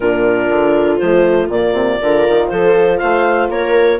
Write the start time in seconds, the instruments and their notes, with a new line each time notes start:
0.00 bassoon A#2, horn D4, viola F4, clarinet A#4
0.49 bassoon D3
0.98 bassoon F3, horn A3, clarinet C5
1.48 bassoon A#2, horn A#3, clarinet D5
1.72 bassoon C3
2.01 bassoon D3, horn F4, viola A#4
2.28 bassoon D#3
2.48 bassoon F3, viola A4, clarinet C5
2.97 bassoon A3, viola C5, clarinet F5
3.49 bassoon A#3, viola A#4, clarinet C#5